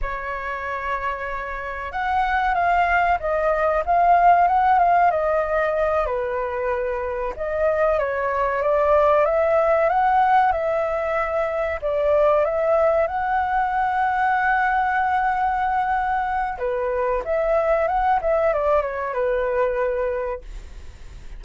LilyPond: \new Staff \with { instrumentName = "flute" } { \time 4/4 \tempo 4 = 94 cis''2. fis''4 | f''4 dis''4 f''4 fis''8 f''8 | dis''4. b'2 dis''8~ | dis''8 cis''4 d''4 e''4 fis''8~ |
fis''8 e''2 d''4 e''8~ | e''8 fis''2.~ fis''8~ | fis''2 b'4 e''4 | fis''8 e''8 d''8 cis''8 b'2 | }